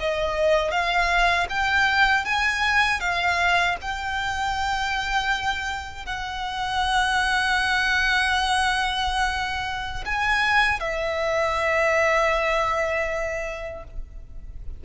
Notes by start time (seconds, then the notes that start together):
0.00 D#5
0.71 F5
1.49 G5
2.25 G#5
3.00 F5
3.81 G5
6.06 F#5
10.06 G#5
10.80 E5